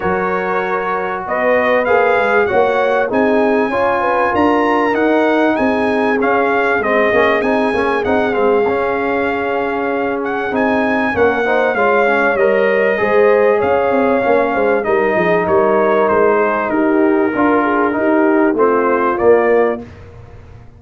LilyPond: <<
  \new Staff \with { instrumentName = "trumpet" } { \time 4/4 \tempo 4 = 97 cis''2 dis''4 f''4 | fis''4 gis''2 ais''4 | fis''4 gis''4 f''4 dis''4 | gis''4 fis''8 f''2~ f''8~ |
f''8 fis''8 gis''4 fis''4 f''4 | dis''2 f''2 | dis''4 cis''4 c''4 ais'4~ | ais'2 c''4 d''4 | }
  \new Staff \with { instrumentName = "horn" } { \time 4/4 ais'2 b'2 | cis''4 gis'4 cis''8 b'8 ais'4~ | ais'4 gis'2.~ | gis'1~ |
gis'2 ais'8 c''8 cis''4~ | cis''4 c''4 cis''4. c''8 | ais'8 gis'8 ais'4. gis'8 g'4 | ais'8 gis'8 g'4 f'2 | }
  \new Staff \with { instrumentName = "trombone" } { \time 4/4 fis'2. gis'4 | fis'4 dis'4 f'2 | dis'2 cis'4 c'8 cis'8 | dis'8 cis'8 dis'8 c'8 cis'2~ |
cis'4 dis'4 cis'8 dis'8 f'8 cis'8 | ais'4 gis'2 cis'4 | dis'1 | f'4 dis'4 c'4 ais4 | }
  \new Staff \with { instrumentName = "tuba" } { \time 4/4 fis2 b4 ais8 gis8 | ais4 c'4 cis'4 d'4 | dis'4 c'4 cis'4 gis8 ais8 | c'8 ais8 c'8 gis8 cis'2~ |
cis'4 c'4 ais4 gis4 | g4 gis4 cis'8 c'8 ais8 gis8 | g8 f8 g4 gis4 dis'4 | d'4 dis'4 a4 ais4 | }
>>